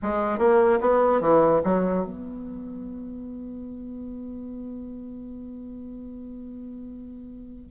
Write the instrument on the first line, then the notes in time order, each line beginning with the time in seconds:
bassoon
0.02 G#3
0.38 A#3
0.80 B3
1.21 E3
1.63 F#3
2.04 B3